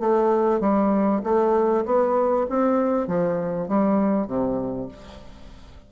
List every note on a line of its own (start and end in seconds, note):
0.00 0.60 A3
0.60 1.22 G3
1.23 1.85 A3
1.86 2.47 B3
2.50 3.08 C4
3.08 3.68 F3
3.68 4.27 G3
4.27 4.88 C3